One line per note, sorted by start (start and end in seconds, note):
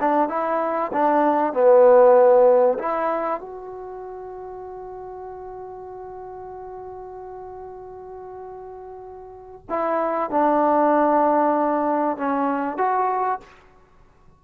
0.00 0.29 D4
0.29 0.92 E4
0.93 1.53 D4
1.53 2.78 B3
2.79 3.41 E4
3.41 9.66 F#4
9.69 10.31 E4
10.31 12.18 D4
12.18 12.78 C#4
12.78 13.40 F#4